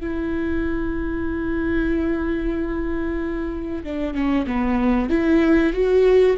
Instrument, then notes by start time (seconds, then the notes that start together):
viola
0.00 E4
3.83 D4
4.14 C#4
4.46 B3
5.09 E4
5.73 F#4